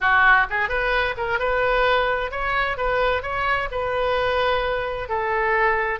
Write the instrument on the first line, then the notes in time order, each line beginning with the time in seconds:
oboe
0.00 F#4
0.50 G#4
0.68 B4
1.17 A#4
1.39 B4
2.31 C#5
2.77 B4
3.22 C#5
3.71 B4
5.09 A4